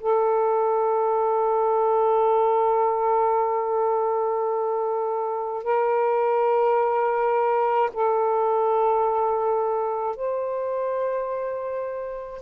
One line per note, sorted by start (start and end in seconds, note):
0.00 5.63 A4
5.63 7.90 A#4
7.93 10.16 A4
10.16 12.42 C5